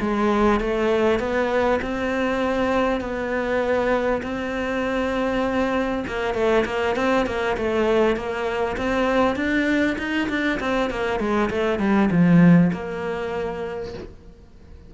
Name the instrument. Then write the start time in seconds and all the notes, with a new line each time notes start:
cello
0.00 G#3
0.60 A3
1.19 B3
1.82 C4
3.01 B3
4.22 C4
6.07 A#3
6.34 A3
6.65 A#3
6.96 C4
7.26 A#3
7.56 A3
8.16 A#3
8.77 C4
9.36 D4
9.98 D#4
10.29 D4
10.60 C4
10.90 A#3
11.20 G#3
11.50 A3
11.79 G3
12.11 F3
12.72 A#3